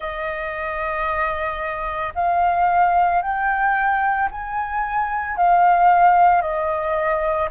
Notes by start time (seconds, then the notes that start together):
0.00 D#5
2.14 F5
3.21 G5
4.31 G#5
5.36 F5
6.41 D#5